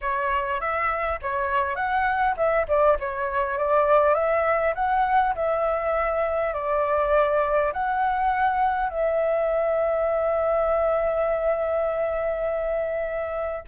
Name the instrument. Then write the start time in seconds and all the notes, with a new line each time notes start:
flute
0.01 C#5
0.60 E5
1.22 C#5
1.75 F#5
2.36 E5
2.68 D5
2.99 C#5
3.58 D5
4.14 E5
4.74 F#5
5.35 E5
6.53 D5
7.72 F#5
8.89 E5